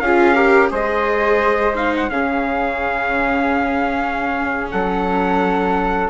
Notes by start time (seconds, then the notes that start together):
0.00 C#4 F4 G#4 F5
0.35 G4 A#4
0.70 G#3 G#4 C5 D#5
1.75 D#4 F5
1.97 F#5
2.10 C#3 C#4 G#4 F5
4.71 F#3 A4 F#5